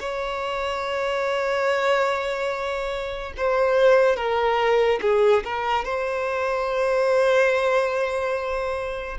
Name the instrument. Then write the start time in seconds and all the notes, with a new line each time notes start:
violin
0.00 C#5
3.37 C5
4.17 A#4
5.02 G#4
5.45 A#4
5.85 C5